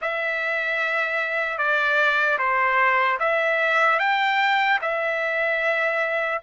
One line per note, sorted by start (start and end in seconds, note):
0.01 1.58 E5
1.58 2.38 D5
2.38 3.18 C5
3.19 3.99 E5
3.99 4.79 G5
4.81 6.41 E5